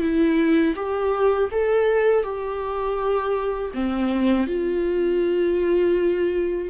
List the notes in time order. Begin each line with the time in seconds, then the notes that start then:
0.00 E4
0.76 G4
1.51 A4
2.23 G4
3.73 C4
4.46 F4